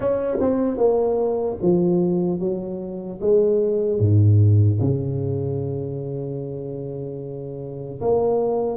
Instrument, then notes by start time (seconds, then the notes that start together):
tuba
0.00 C#4
0.40 C4
0.77 A#3
1.61 F3
2.39 F#3
3.20 G#3
3.99 G#2
4.80 C#3
8.00 A#3